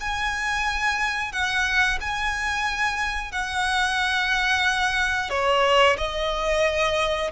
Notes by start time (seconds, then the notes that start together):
0.00 G#5
1.32 F#5
2.00 G#5
3.32 F#5
5.30 C#5
5.97 D#5